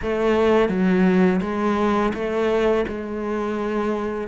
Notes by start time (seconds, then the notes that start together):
0.02 A3
0.69 F#3
1.41 G#3
2.14 A3
2.87 G#3